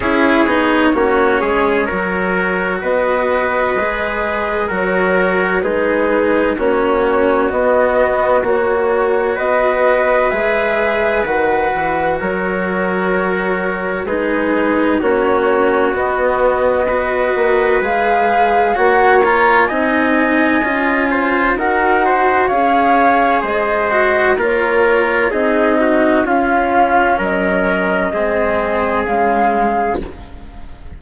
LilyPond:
<<
  \new Staff \with { instrumentName = "flute" } { \time 4/4 \tempo 4 = 64 cis''2. dis''4~ | dis''4 cis''4 b'4 cis''4 | dis''4 cis''4 dis''4 e''4 | fis''4 cis''2 b'4 |
cis''4 dis''2 f''4 | fis''8 ais''8 gis''2 fis''4 | f''4 dis''4 cis''4 dis''4 | f''4 dis''2 f''4 | }
  \new Staff \with { instrumentName = "trumpet" } { \time 4/4 gis'4 fis'8 gis'8 ais'4 b'4~ | b'4 ais'4 gis'4 fis'4~ | fis'2 b'2~ | b'4 ais'2 gis'4 |
fis'2 b'2 | cis''4 dis''4. c''8 ais'8 c''8 | cis''4 c''4 ais'4 gis'8 fis'8 | f'4 ais'4 gis'2 | }
  \new Staff \with { instrumentName = "cello" } { \time 4/4 e'8 dis'8 cis'4 fis'2 | gis'4 fis'4 dis'4 cis'4 | b4 fis'2 gis'4 | fis'2. dis'4 |
cis'4 b4 fis'4 gis'4 | fis'8 f'8 dis'4 f'4 fis'4 | gis'4. fis'8 f'4 dis'4 | cis'2 c'4 gis4 | }
  \new Staff \with { instrumentName = "bassoon" } { \time 4/4 cis'8 b8 ais8 gis8 fis4 b4 | gis4 fis4 gis4 ais4 | b4 ais4 b4 gis4 | dis8 e8 fis2 gis4 |
ais4 b4. ais8 gis4 | ais4 c'4 cis'4 dis'4 | cis'4 gis4 ais4 c'4 | cis'4 fis4 gis4 cis4 | }
>>